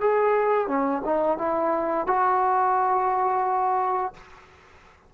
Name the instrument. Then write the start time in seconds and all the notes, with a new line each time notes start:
trombone
0.00 G#4
0.67 C#4
1.04 D#4
1.38 E4
2.06 F#4